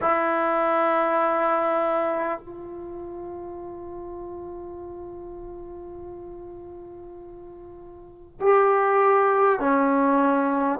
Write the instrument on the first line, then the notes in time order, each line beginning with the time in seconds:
trombone
0.01 E4
2.39 F4
8.40 G4
9.59 C#4